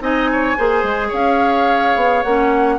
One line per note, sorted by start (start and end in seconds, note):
0.00 0.56 C4
0.00 0.56 D#4
0.00 0.30 D#5
0.00 1.13 G#5
0.32 0.57 C#5
0.57 0.83 A#3
0.57 2.24 G#4
0.57 1.08 C5
0.83 1.11 G#3
1.08 1.95 C#4
1.08 2.75 C#5
1.08 2.23 F5
1.95 2.23 B3
2.23 2.79 A#3
2.23 2.79 C#4
2.23 2.78 F#5